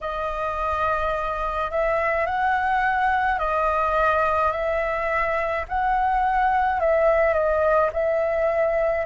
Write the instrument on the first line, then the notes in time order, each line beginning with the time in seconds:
flute
0.01 D#5
1.70 E5
2.25 F#5
3.39 D#5
4.51 E5
5.68 F#5
6.79 E5
7.33 D#5
7.92 E5